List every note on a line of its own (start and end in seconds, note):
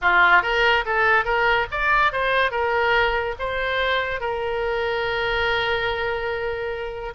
0.01 0.42 F4
0.42 0.84 A#4
0.85 1.24 A4
1.24 1.66 A#4
1.71 2.12 D5
2.12 2.51 C5
2.51 3.35 A#4
3.39 4.20 C5
4.20 7.13 A#4